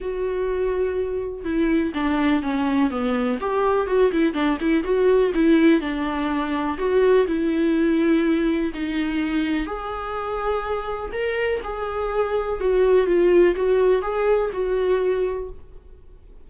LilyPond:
\new Staff \with { instrumentName = "viola" } { \time 4/4 \tempo 4 = 124 fis'2. e'4 | d'4 cis'4 b4 g'4 | fis'8 e'8 d'8 e'8 fis'4 e'4 | d'2 fis'4 e'4~ |
e'2 dis'2 | gis'2. ais'4 | gis'2 fis'4 f'4 | fis'4 gis'4 fis'2 | }